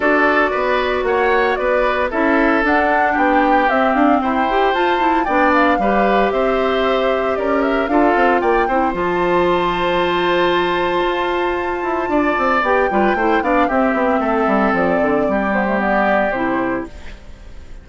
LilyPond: <<
  \new Staff \with { instrumentName = "flute" } { \time 4/4 \tempo 4 = 114 d''2 fis''4 d''4 | e''4 fis''4 g''4 e''8 f''8 | g''4 a''4 g''8 f''4. | e''2 d''8 e''8 f''4 |
g''4 a''2.~ | a''1 | g''4. f''8 e''2 | d''4. c''8 d''4 c''4 | }
  \new Staff \with { instrumentName = "oboe" } { \time 4/4 a'4 b'4 cis''4 b'4 | a'2 g'2 | c''2 d''4 b'4 | c''2 ais'4 a'4 |
d''8 c''2.~ c''8~ | c''2. d''4~ | d''8 b'8 c''8 d''8 g'4 a'4~ | a'4 g'2. | }
  \new Staff \with { instrumentName = "clarinet" } { \time 4/4 fis'1 | e'4 d'2 c'4~ | c'8 g'8 f'8 e'8 d'4 g'4~ | g'2. f'4~ |
f'8 e'8 f'2.~ | f'1 | g'8 f'8 e'8 d'8 c'2~ | c'4. b16 a16 b4 e'4 | }
  \new Staff \with { instrumentName = "bassoon" } { \time 4/4 d'4 b4 ais4 b4 | cis'4 d'4 b4 c'8 d'8 | e'4 f'4 b4 g4 | c'2 cis'4 d'8 c'8 |
ais8 c'8 f2.~ | f4 f'4. e'8 d'8 c'8 | b8 g8 a8 b8 c'8 b8 a8 g8 | f8 d8 g2 c4 | }
>>